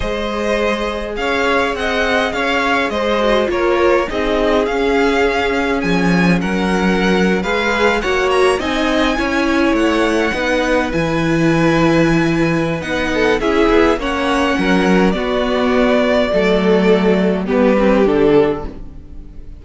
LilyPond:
<<
  \new Staff \with { instrumentName = "violin" } { \time 4/4 \tempo 4 = 103 dis''2 f''4 fis''4 | f''4 dis''4 cis''4 dis''4 | f''2 gis''4 fis''4~ | fis''8. f''4 fis''8 ais''8 gis''4~ gis''16~ |
gis''8. fis''2 gis''4~ gis''16~ | gis''2 fis''4 e''4 | fis''2 d''2~ | d''2 b'4 a'4 | }
  \new Staff \with { instrumentName = "violin" } { \time 4/4 c''2 cis''4 dis''4 | cis''4 c''4 ais'4 gis'4~ | gis'2. ais'4~ | ais'8. b'4 cis''4 dis''4 cis''16~ |
cis''4.~ cis''16 b'2~ b'16~ | b'2~ b'8 a'8 gis'4 | cis''4 ais'4 fis'2 | a'2 g'2 | }
  \new Staff \with { instrumentName = "viola" } { \time 4/4 gis'1~ | gis'4. fis'8 f'4 dis'4 | cis'1~ | cis'8. gis'4 fis'4 dis'4 e'16~ |
e'4.~ e'16 dis'4 e'4~ e'16~ | e'2 dis'4 e'4 | cis'2 b2 | a2 b8 c'8 d'4 | }
  \new Staff \with { instrumentName = "cello" } { \time 4/4 gis2 cis'4 c'4 | cis'4 gis4 ais4 c'4 | cis'2 f4 fis4~ | fis8. gis4 ais4 c'4 cis'16~ |
cis'8. a4 b4 e4~ e16~ | e2 b4 cis'8 b8 | ais4 fis4 b2 | fis2 g4 d4 | }
>>